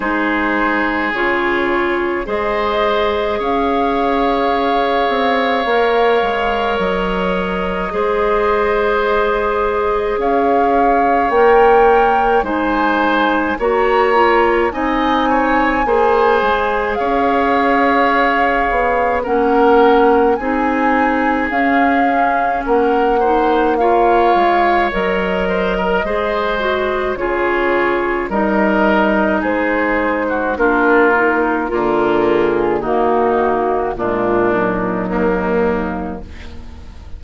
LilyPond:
<<
  \new Staff \with { instrumentName = "flute" } { \time 4/4 \tempo 4 = 53 c''4 cis''4 dis''4 f''4~ | f''2 dis''2~ | dis''4 f''4 g''4 gis''4 | ais''4 gis''2 f''4~ |
f''4 fis''4 gis''4 f''4 | fis''4 f''4 dis''2 | cis''4 dis''4 c''4 ais'4~ | ais'8 gis'8 fis'4 f'8 dis'4. | }
  \new Staff \with { instrumentName = "oboe" } { \time 4/4 gis'2 c''4 cis''4~ | cis''2. c''4~ | c''4 cis''2 c''4 | cis''4 dis''8 cis''8 c''4 cis''4~ |
cis''4 ais'4 gis'2 | ais'8 c''8 cis''4. c''16 ais'16 c''4 | gis'4 ais'4 gis'8. fis'16 f'4 | ais4 dis'4 d'4 ais4 | }
  \new Staff \with { instrumentName = "clarinet" } { \time 4/4 dis'4 f'4 gis'2~ | gis'4 ais'2 gis'4~ | gis'2 ais'4 dis'4 | fis'8 f'8 dis'4 gis'2~ |
gis'4 cis'4 dis'4 cis'4~ | cis'8 dis'8 f'4 ais'4 gis'8 fis'8 | f'4 dis'2 d'8 dis'8 | f'4 ais4 gis8 fis4. | }
  \new Staff \with { instrumentName = "bassoon" } { \time 4/4 gis4 cis4 gis4 cis'4~ | cis'8 c'8 ais8 gis8 fis4 gis4~ | gis4 cis'4 ais4 gis4 | ais4 c'4 ais8 gis8 cis'4~ |
cis'8 b8 ais4 c'4 cis'4 | ais4. gis8 fis4 gis4 | cis4 g4 gis4 ais4 | d4 dis4 ais,4 dis,4 | }
>>